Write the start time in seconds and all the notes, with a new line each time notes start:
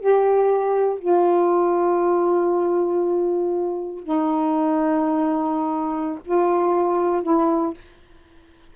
0.00 G4
0.99 F4
4.03 D#4
6.25 F4
7.23 E4